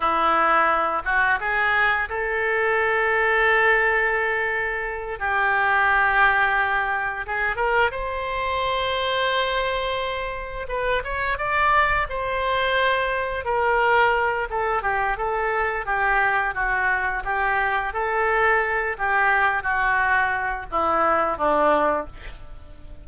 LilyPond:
\new Staff \with { instrumentName = "oboe" } { \time 4/4 \tempo 4 = 87 e'4. fis'8 gis'4 a'4~ | a'2.~ a'8 g'8~ | g'2~ g'8 gis'8 ais'8 c''8~ | c''2.~ c''8 b'8 |
cis''8 d''4 c''2 ais'8~ | ais'4 a'8 g'8 a'4 g'4 | fis'4 g'4 a'4. g'8~ | g'8 fis'4. e'4 d'4 | }